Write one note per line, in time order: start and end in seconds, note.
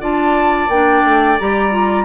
0.00 0.68 D4
0.00 0.68 F4
0.00 2.05 D5
0.00 0.70 A5
0.68 1.02 A#3
0.68 1.39 D4
0.68 1.38 G5
1.04 1.38 A3
1.39 2.05 G3
1.39 1.71 G4
1.39 2.05 A#5
1.71 2.05 F4